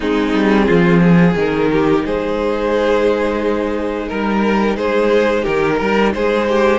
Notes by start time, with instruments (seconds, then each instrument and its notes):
0.00 cello G#3, viola C4, violin D#4 G#4
0.33 cello G3
0.65 cello F3, violin F4
1.02 violin G#4
1.35 cello D#3, viola D#4, violin A#4
1.72 violin G4
2.05 cello G#3, violin G#4 C5
4.08 cello G3, violin A#4
4.76 cello G#3, violin G#4 C5
5.42 cello D#3, violin G4 A#4
5.77 cello G3, violin A#4
6.13 cello G#3, violin G#4 C5
6.49 violin G4